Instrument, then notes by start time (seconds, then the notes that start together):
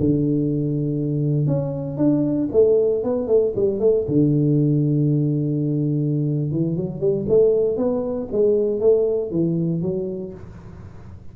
tuba
0.00 D3
1.47 C#4
1.98 D4
2.52 A3
3.03 B3
3.27 A3
3.56 G3
3.80 A3
4.08 D3
6.52 E3
6.76 F#3
7.00 G3
7.28 A3
7.77 B3
8.32 G#3
8.80 A3
9.31 E3
9.82 F#3